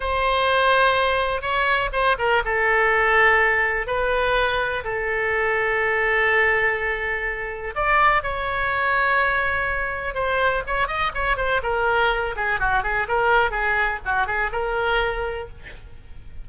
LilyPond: \new Staff \with { instrumentName = "oboe" } { \time 4/4 \tempo 4 = 124 c''2. cis''4 | c''8 ais'8 a'2. | b'2 a'2~ | a'1 |
d''4 cis''2.~ | cis''4 c''4 cis''8 dis''8 cis''8 c''8 | ais'4. gis'8 fis'8 gis'8 ais'4 | gis'4 fis'8 gis'8 ais'2 | }